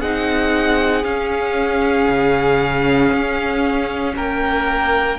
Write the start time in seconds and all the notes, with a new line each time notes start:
0.00 C4 D#4 G#4 F#5
1.03 C#4 F5
2.09 C#3
3.13 C#4
4.16 A#3 A#4 G5